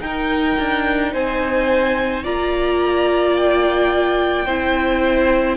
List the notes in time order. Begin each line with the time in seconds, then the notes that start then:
0.00 D#4 A#4 G5
0.59 D4
1.13 C4 C5 G#5
2.24 A#3 F4 D5 A#5
3.36 G5
4.46 C4 E4 C5